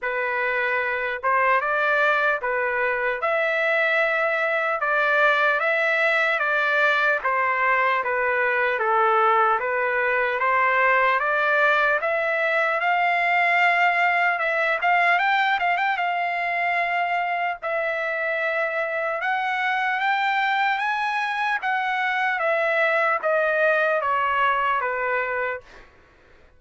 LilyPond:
\new Staff \with { instrumentName = "trumpet" } { \time 4/4 \tempo 4 = 75 b'4. c''8 d''4 b'4 | e''2 d''4 e''4 | d''4 c''4 b'4 a'4 | b'4 c''4 d''4 e''4 |
f''2 e''8 f''8 g''8 f''16 g''16 | f''2 e''2 | fis''4 g''4 gis''4 fis''4 | e''4 dis''4 cis''4 b'4 | }